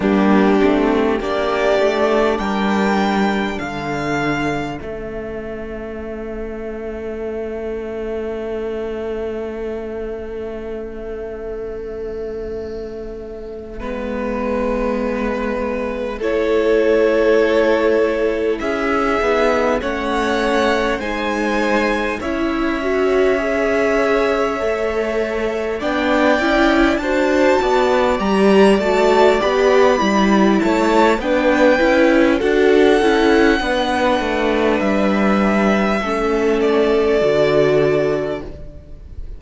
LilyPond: <<
  \new Staff \with { instrumentName = "violin" } { \time 4/4 \tempo 4 = 50 g'4 d''4 g''4 f''4 | e''1~ | e''1~ | e''4. cis''2 e''8~ |
e''8 fis''4 gis''4 e''4.~ | e''4. g''4 a''4 ais''8 | a''8 b''4 a''8 g''4 fis''4~ | fis''4 e''4. d''4. | }
  \new Staff \with { instrumentName = "violin" } { \time 4/4 d'4 g'4 ais'4 a'4~ | a'1~ | a'2.~ a'8 b'8~ | b'4. a'2 gis'8~ |
gis'8 cis''4 c''4 cis''4.~ | cis''4. d''4 c''8 d''4~ | d''4. cis''8 b'4 a'4 | b'2 a'2 | }
  \new Staff \with { instrumentName = "viola" } { \time 4/4 ais8 c'8 d'2. | cis'1~ | cis'2.~ cis'8 b8~ | b4. e'2~ e'8 |
dis'8 cis'4 dis'4 e'8 fis'8 gis'8~ | gis'8 a'4 d'8 e'8 fis'4 g'8 | fis'8 g'8 e'4 d'8 e'8 fis'8 e'8 | d'2 cis'4 fis'4 | }
  \new Staff \with { instrumentName = "cello" } { \time 4/4 g8 a8 ais8 a8 g4 d4 | a1~ | a2.~ a8 gis8~ | gis4. a2 cis'8 |
b8 a4 gis4 cis'4.~ | cis'8 a4 b8 cis'8 d'8 b8 g8 | a8 b8 g8 a8 b8 cis'8 d'8 cis'8 | b8 a8 g4 a4 d4 | }
>>